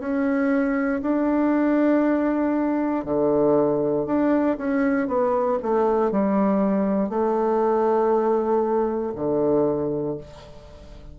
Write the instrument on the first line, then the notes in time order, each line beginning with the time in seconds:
bassoon
0.00 C#4
1.02 D4
3.05 D3
4.06 D4
4.58 C#4
5.08 B3
5.63 A3
6.12 G3
7.10 A3
9.16 D3